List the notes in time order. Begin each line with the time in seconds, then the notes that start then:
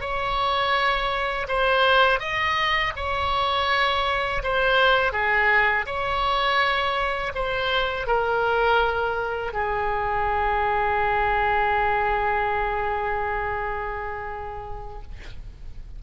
0.00 C#5
1.48 C5
2.20 D#5
2.96 C#5
4.43 C5
5.12 G#4
5.86 C#5
7.34 C5
8.07 A#4
9.53 G#4